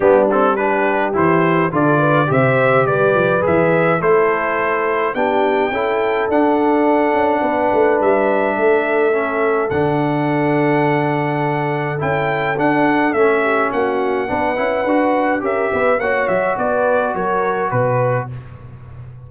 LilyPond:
<<
  \new Staff \with { instrumentName = "trumpet" } { \time 4/4 \tempo 4 = 105 g'8 a'8 b'4 c''4 d''4 | e''4 d''4 e''4 c''4~ | c''4 g''2 fis''4~ | fis''2 e''2~ |
e''4 fis''2.~ | fis''4 g''4 fis''4 e''4 | fis''2. e''4 | fis''8 e''8 d''4 cis''4 b'4 | }
  \new Staff \with { instrumentName = "horn" } { \time 4/4 d'4 g'2 a'8 b'8 | c''4 b'2 a'4~ | a'4 g'4 a'2~ | a'4 b'2 a'4~ |
a'1~ | a'2.~ a'8 g'8 | fis'4 b'2 ais'8 b'8 | cis''4 b'4 ais'4 b'4 | }
  \new Staff \with { instrumentName = "trombone" } { \time 4/4 b8 c'8 d'4 e'4 f'4 | g'2 gis'4 e'4~ | e'4 d'4 e'4 d'4~ | d'1 |
cis'4 d'2.~ | d'4 e'4 d'4 cis'4~ | cis'4 d'8 e'8 fis'4 g'4 | fis'1 | }
  \new Staff \with { instrumentName = "tuba" } { \time 4/4 g2 e4 d4 | c4 g8 f8 e4 a4~ | a4 b4 cis'4 d'4~ | d'8 cis'8 b8 a8 g4 a4~ |
a4 d2.~ | d4 cis'4 d'4 a4 | ais4 b8 cis'8 d'4 cis'8 b8 | ais8 fis8 b4 fis4 b,4 | }
>>